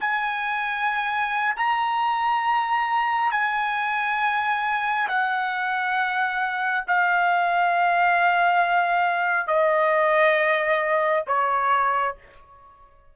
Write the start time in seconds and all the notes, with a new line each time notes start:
0.00 G#5
1.56 A#5
3.31 G#5
5.08 F#5
6.87 F5
9.47 D#5
11.27 C#5